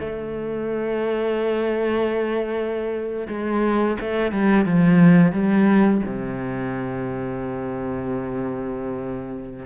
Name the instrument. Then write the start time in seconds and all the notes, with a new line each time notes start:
cello
0.00 A3
3.29 G#3
4.01 A3
4.32 G3
4.65 F3
5.32 G3
6.06 C3